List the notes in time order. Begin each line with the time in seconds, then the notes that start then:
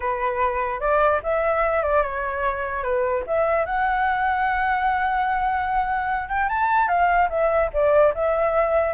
0.00 B4
0.80 D5
1.23 E5
1.82 D5
2.02 C#5
2.83 B4
3.26 E5
3.65 F#5
6.28 G5
6.48 A5
6.88 F5
7.29 E5
7.73 D5
8.14 E5